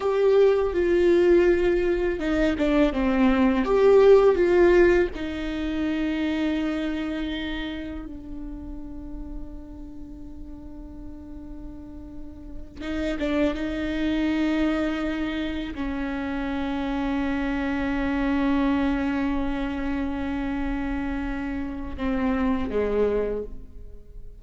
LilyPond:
\new Staff \with { instrumentName = "viola" } { \time 4/4 \tempo 4 = 82 g'4 f'2 dis'8 d'8 | c'4 g'4 f'4 dis'4~ | dis'2. d'4~ | d'1~ |
d'4. dis'8 d'8 dis'4.~ | dis'4. cis'2~ cis'8~ | cis'1~ | cis'2 c'4 gis4 | }